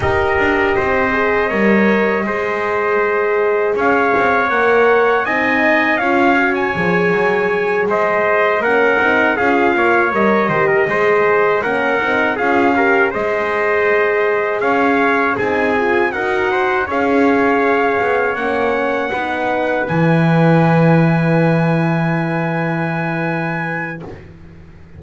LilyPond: <<
  \new Staff \with { instrumentName = "trumpet" } { \time 4/4 \tempo 4 = 80 dis''1~ | dis''4 f''4 fis''4 gis''4 | f''8. gis''4.~ gis''16 dis''4 fis''8~ | fis''8 f''4 dis''2 fis''8~ |
fis''8 f''4 dis''2 f''8~ | f''8 gis''4 fis''4 f''4.~ | f''8 fis''2 gis''4.~ | gis''1 | }
  \new Staff \with { instrumentName = "trumpet" } { \time 4/4 ais'4 c''4 cis''4 c''4~ | c''4 cis''2 dis''4 | cis''2~ cis''8 c''4 ais'8~ | ais'8 gis'8 cis''4 c''16 ais'16 c''4 ais'8~ |
ais'8 gis'8 ais'8 c''2 cis''8~ | cis''8 gis'4 ais'8 c''8 cis''4.~ | cis''4. b'2~ b'8~ | b'1 | }
  \new Staff \with { instrumentName = "horn" } { \time 4/4 g'4. gis'8 ais'4 gis'4~ | gis'2 ais'4 dis'4 | f'8 fis'8 gis'2~ gis'8 cis'8 | dis'8 f'4 ais'8 g'8 gis'4 cis'8 |
dis'8 f'8 g'8 gis'2~ gis'8~ | gis'8 dis'8 f'8 fis'4 gis'4.~ | gis'8 cis'4 dis'4 e'4.~ | e'1 | }
  \new Staff \with { instrumentName = "double bass" } { \time 4/4 dis'8 d'8 c'4 g4 gis4~ | gis4 cis'8 c'8 ais4 c'4 | cis'4 f8 fis4 gis4 ais8 | c'8 cis'8 ais8 g8 dis8 gis4 ais8 |
c'8 cis'4 gis2 cis'8~ | cis'8 c'4 dis'4 cis'4. | b8 ais4 b4 e4.~ | e1 | }
>>